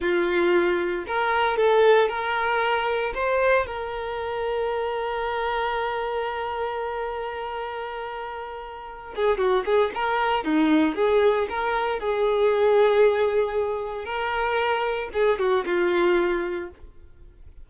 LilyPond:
\new Staff \with { instrumentName = "violin" } { \time 4/4 \tempo 4 = 115 f'2 ais'4 a'4 | ais'2 c''4 ais'4~ | ais'1~ | ais'1~ |
ais'4. gis'8 fis'8 gis'8 ais'4 | dis'4 gis'4 ais'4 gis'4~ | gis'2. ais'4~ | ais'4 gis'8 fis'8 f'2 | }